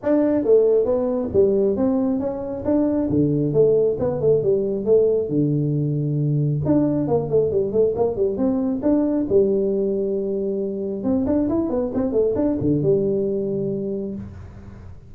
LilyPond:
\new Staff \with { instrumentName = "tuba" } { \time 4/4 \tempo 4 = 136 d'4 a4 b4 g4 | c'4 cis'4 d'4 d4 | a4 b8 a8 g4 a4 | d2. d'4 |
ais8 a8 g8 a8 ais8 g8 c'4 | d'4 g2.~ | g4 c'8 d'8 e'8 b8 c'8 a8 | d'8 d8 g2. | }